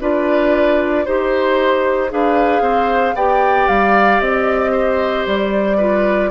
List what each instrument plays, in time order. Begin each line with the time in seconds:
0.00 bassoon D4, clarinet F4, oboe B4, flute D5
1.05 bassoon D#4, clarinet G4, oboe C5, flute C5
2.09 bassoon D4, clarinet G#4, oboe B4, flute F5
2.61 bassoon C4, oboe C5
3.14 bassoon B3, clarinet G4, oboe D5, flute G5
3.68 bassoon G3, flute F5
4.20 bassoon C4, flute D#5
4.71 oboe C5
5.26 bassoon G3, flute D5
5.77 clarinet F4, oboe B4